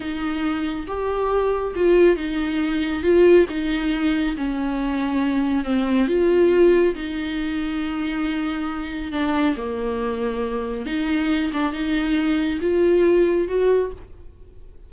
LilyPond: \new Staff \with { instrumentName = "viola" } { \time 4/4 \tempo 4 = 138 dis'2 g'2 | f'4 dis'2 f'4 | dis'2 cis'2~ | cis'4 c'4 f'2 |
dis'1~ | dis'4 d'4 ais2~ | ais4 dis'4. d'8 dis'4~ | dis'4 f'2 fis'4 | }